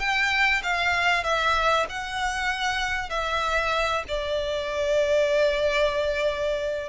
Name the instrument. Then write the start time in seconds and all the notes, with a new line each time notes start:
violin
0.00 G5
0.63 F5
1.24 E5
1.90 F#5
3.10 E5
4.09 D5